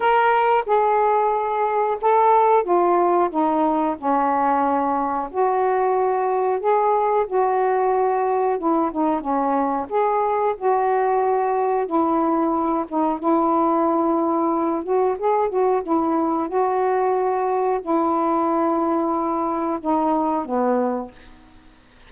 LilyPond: \new Staff \with { instrumentName = "saxophone" } { \time 4/4 \tempo 4 = 91 ais'4 gis'2 a'4 | f'4 dis'4 cis'2 | fis'2 gis'4 fis'4~ | fis'4 e'8 dis'8 cis'4 gis'4 |
fis'2 e'4. dis'8 | e'2~ e'8 fis'8 gis'8 fis'8 | e'4 fis'2 e'4~ | e'2 dis'4 b4 | }